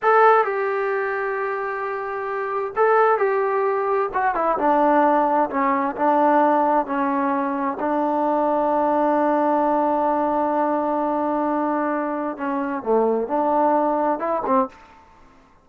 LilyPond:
\new Staff \with { instrumentName = "trombone" } { \time 4/4 \tempo 4 = 131 a'4 g'2.~ | g'2 a'4 g'4~ | g'4 fis'8 e'8 d'2 | cis'4 d'2 cis'4~ |
cis'4 d'2.~ | d'1~ | d'2. cis'4 | a4 d'2 e'8 c'8 | }